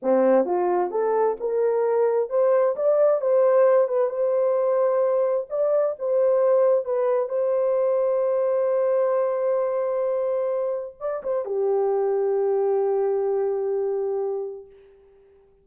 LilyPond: \new Staff \with { instrumentName = "horn" } { \time 4/4 \tempo 4 = 131 c'4 f'4 a'4 ais'4~ | ais'4 c''4 d''4 c''4~ | c''8 b'8 c''2. | d''4 c''2 b'4 |
c''1~ | c''1 | d''8 c''8 g'2.~ | g'1 | }